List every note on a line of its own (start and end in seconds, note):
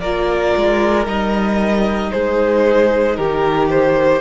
0.00 0.55 A#3
0.00 1.04 F4
0.00 2.11 A#4
0.00 1.05 D5
0.56 1.06 G#3
1.04 2.11 G3
1.04 4.20 D#4
1.04 2.11 D#5
2.11 3.18 G#3
2.11 3.18 G#4
2.11 3.16 C5
3.16 4.21 D#3
3.16 4.21 G4
3.16 3.69 A#4
3.70 4.21 C5